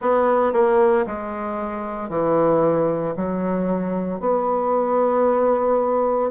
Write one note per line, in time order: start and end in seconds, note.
0.00 0.53 B3
0.53 1.05 A#3
1.06 2.09 G#3
2.09 3.14 E3
3.16 4.20 F#3
4.20 6.30 B3